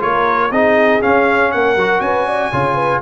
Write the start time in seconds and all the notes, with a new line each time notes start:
0.00 A#3 F4 A#4 C#5
0.51 C4 D#4 G#4 D#5
1.02 C#4 F5
1.52 A#3 A#4 F#5
1.76 F#3 F#4
2.00 C#4 B4 G#5
2.27 D5
2.52 C#3 F4 C#5
2.75 B4